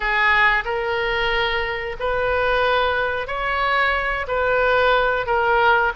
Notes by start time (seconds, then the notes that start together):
0.00 G#4
0.64 A#4
1.99 B4
3.27 C#5
4.27 B4
5.26 A#4